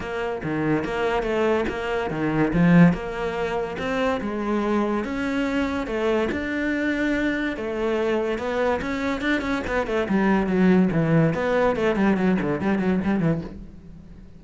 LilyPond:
\new Staff \with { instrumentName = "cello" } { \time 4/4 \tempo 4 = 143 ais4 dis4 ais4 a4 | ais4 dis4 f4 ais4~ | ais4 c'4 gis2 | cis'2 a4 d'4~ |
d'2 a2 | b4 cis'4 d'8 cis'8 b8 a8 | g4 fis4 e4 b4 | a8 g8 fis8 d8 g8 fis8 g8 e8 | }